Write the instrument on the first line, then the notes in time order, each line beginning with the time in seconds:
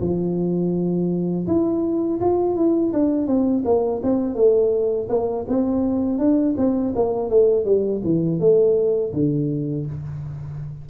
tuba
0.00 F3
1.47 E4
2.20 F4
2.55 E4
2.93 D4
3.27 C4
3.65 A#3
4.03 C4
4.35 A3
5.09 A#3
5.48 C4
6.18 D4
6.57 C4
6.95 A#3
7.30 A3
7.65 G3
8.03 E3
8.39 A3
9.13 D3